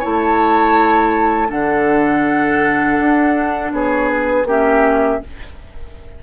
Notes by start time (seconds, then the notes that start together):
0.00 A3 E4 C#5 A5
1.48 D3 D4 A4 F#5
3.00 D4
3.72 B3 G#4 C#5
4.10 B4
4.45 A#3 C#4 G4 E5